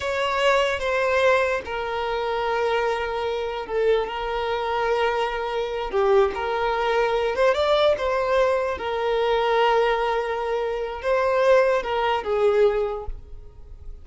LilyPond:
\new Staff \with { instrumentName = "violin" } { \time 4/4 \tempo 4 = 147 cis''2 c''2 | ais'1~ | ais'4 a'4 ais'2~ | ais'2~ ais'8 g'4 ais'8~ |
ais'2 c''8 d''4 c''8~ | c''4. ais'2~ ais'8~ | ais'2. c''4~ | c''4 ais'4 gis'2 | }